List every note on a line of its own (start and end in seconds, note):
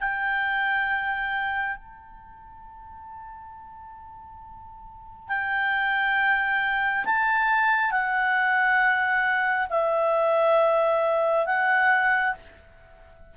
0.00 1.76 G5
1.76 5.28 A5
5.28 7.05 G5
7.05 7.91 A5
7.91 9.68 F#5
9.70 11.46 E5
11.46 12.34 F#5